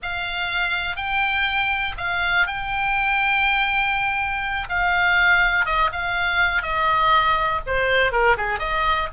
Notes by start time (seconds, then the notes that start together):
0.02 F5
0.96 G5
1.97 F5
2.46 G5
4.69 F5
5.65 D#5
5.92 F5
6.62 D#5
7.66 C5
8.11 A#4
8.37 G#4
8.59 D#5